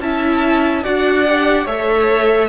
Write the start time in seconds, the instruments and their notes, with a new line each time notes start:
0.00 cello C#4, viola E4, violin E5 A5
0.84 cello D4, viola F#4, violin D5 F#5
1.29 viola G4
1.65 cello A3, viola A4, violin C#5 E5